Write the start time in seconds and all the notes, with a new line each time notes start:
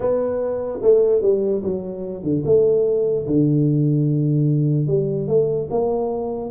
0.00 B3
0.81 A3
1.22 G3
1.62 F#3
2.23 D3
2.45 A3
3.27 D3
4.87 G3
5.27 A3
5.70 A#3